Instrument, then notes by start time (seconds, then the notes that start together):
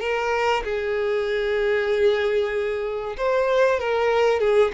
violin
0.00 A#4
0.64 G#4
3.17 C5
3.80 A#4
4.40 G#4